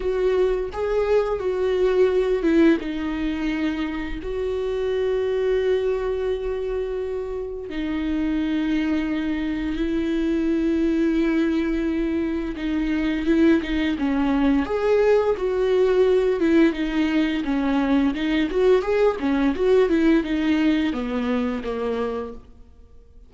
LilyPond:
\new Staff \with { instrumentName = "viola" } { \time 4/4 \tempo 4 = 86 fis'4 gis'4 fis'4. e'8 | dis'2 fis'2~ | fis'2. dis'4~ | dis'2 e'2~ |
e'2 dis'4 e'8 dis'8 | cis'4 gis'4 fis'4. e'8 | dis'4 cis'4 dis'8 fis'8 gis'8 cis'8 | fis'8 e'8 dis'4 b4 ais4 | }